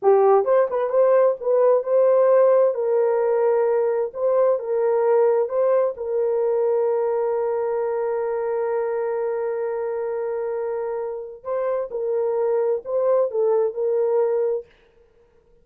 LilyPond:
\new Staff \with { instrumentName = "horn" } { \time 4/4 \tempo 4 = 131 g'4 c''8 b'8 c''4 b'4 | c''2 ais'2~ | ais'4 c''4 ais'2 | c''4 ais'2.~ |
ais'1~ | ais'1~ | ais'4 c''4 ais'2 | c''4 a'4 ais'2 | }